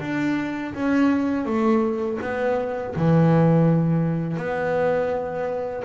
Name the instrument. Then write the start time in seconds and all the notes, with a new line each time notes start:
double bass
0.00 D4
0.74 C#4
1.45 A3
2.22 B3
2.96 E3
4.37 B3